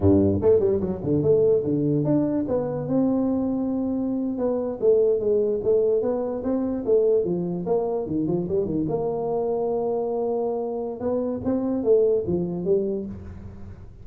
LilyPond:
\new Staff \with { instrumentName = "tuba" } { \time 4/4 \tempo 4 = 147 g,4 a8 g8 fis8 d8 a4 | d4 d'4 b4 c'4~ | c'2~ c'8. b4 a16~ | a8. gis4 a4 b4 c'16~ |
c'8. a4 f4 ais4 dis16~ | dis16 f8 g8 dis8 ais2~ ais16~ | ais2. b4 | c'4 a4 f4 g4 | }